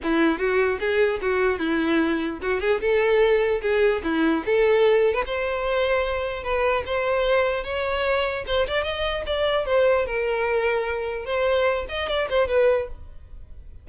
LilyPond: \new Staff \with { instrumentName = "violin" } { \time 4/4 \tempo 4 = 149 e'4 fis'4 gis'4 fis'4 | e'2 fis'8 gis'8 a'4~ | a'4 gis'4 e'4 a'4~ | a'8. b'16 c''2. |
b'4 c''2 cis''4~ | cis''4 c''8 d''8 dis''4 d''4 | c''4 ais'2. | c''4. dis''8 d''8 c''8 b'4 | }